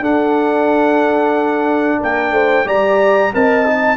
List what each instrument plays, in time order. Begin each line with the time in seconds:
0.00 tuba D4, trombone D4, horn A4, trumpet F#5
1.99 tuba A#3, horn A#4, trumpet G5
2.31 tuba A3, horn C5
2.65 tuba G3, trombone G4, horn D5, trumpet A#5
3.33 tuba C4, trombone A#4, horn D#5, trumpet A5
3.66 trombone D#4